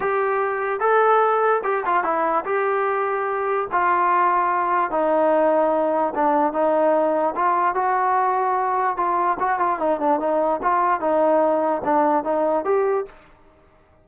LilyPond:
\new Staff \with { instrumentName = "trombone" } { \time 4/4 \tempo 4 = 147 g'2 a'2 | g'8 f'8 e'4 g'2~ | g'4 f'2. | dis'2. d'4 |
dis'2 f'4 fis'4~ | fis'2 f'4 fis'8 f'8 | dis'8 d'8 dis'4 f'4 dis'4~ | dis'4 d'4 dis'4 g'4 | }